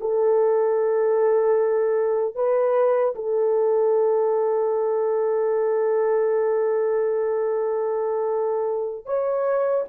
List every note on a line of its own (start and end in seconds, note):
0.00 2.35 A4
2.35 3.14 B4
3.15 9.05 A4
9.05 9.84 C#5